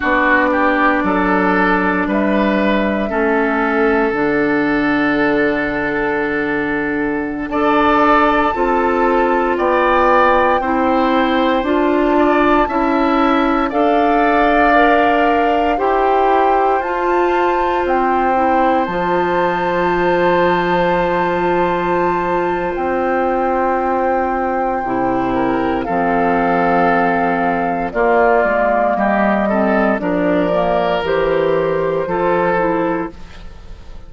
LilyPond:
<<
  \new Staff \with { instrumentName = "flute" } { \time 4/4 \tempo 4 = 58 d''2 e''2 | fis''2.~ fis''16 a''8.~ | a''4~ a''16 g''2 a''8.~ | a''4~ a''16 f''2 g''8.~ |
g''16 a''4 g''4 a''4.~ a''16~ | a''2 g''2~ | g''4 f''2 d''4 | dis''4 d''4 c''2 | }
  \new Staff \with { instrumentName = "oboe" } { \time 4/4 fis'8 g'8 a'4 b'4 a'4~ | a'2.~ a'16 d''8.~ | d''16 a'4 d''4 c''4. d''16~ | d''16 e''4 d''2 c''8.~ |
c''1~ | c''1~ | c''8 ais'8 a'2 f'4 | g'8 a'8 ais'2 a'4 | }
  \new Staff \with { instrumentName = "clarinet" } { \time 4/4 d'2. cis'4 | d'2.~ d'16 a'8.~ | a'16 f'2 e'4 f'8.~ | f'16 e'4 a'4 ais'4 g'8.~ |
g'16 f'4. e'8 f'4.~ f'16~ | f'1 | e'4 c'2 ais4~ | ais8 c'8 d'8 ais8 g'4 f'8 e'8 | }
  \new Staff \with { instrumentName = "bassoon" } { \time 4/4 b4 fis4 g4 a4 | d2.~ d16 d'8.~ | d'16 c'4 b4 c'4 d'8.~ | d'16 cis'4 d'2 e'8.~ |
e'16 f'4 c'4 f4.~ f16~ | f2 c'2 | c4 f2 ais8 gis8 | g4 f4 e4 f4 | }
>>